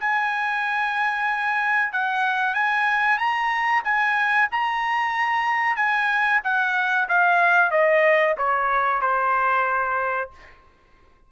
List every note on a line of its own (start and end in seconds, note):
0.00 1.93 G#5
1.93 2.55 F#5
2.55 3.18 G#5
3.18 3.83 A#5
3.84 4.49 G#5
4.52 5.77 A#5
5.77 6.41 G#5
6.44 7.09 F#5
7.09 7.72 F5
7.72 8.36 D#5
8.38 9.02 C#5
9.02 10.31 C5